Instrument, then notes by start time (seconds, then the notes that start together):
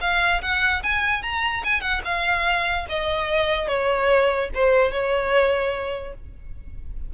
violin
0.00 F5
0.42 F#5
0.83 G#5
1.22 A#5
1.64 G#5
1.81 F#5
2.04 F5
2.89 D#5
3.68 C#5
4.54 C5
4.91 C#5